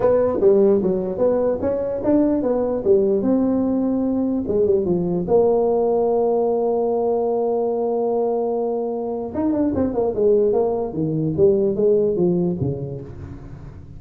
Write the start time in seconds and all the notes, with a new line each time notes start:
0.00 B3
0.40 G3
0.82 F#3
1.18 B3
1.61 C#4
2.03 D4
2.42 B3
2.84 G3
3.22 C4
4.47 G#3
4.65 G3
4.85 F3
5.27 A#3
9.34 D#4
9.52 D4
9.74 C4
9.94 A#3
10.14 G#3
10.53 A#3
10.93 D#3
11.36 G3
11.75 G#3
12.15 F3
12.60 C#3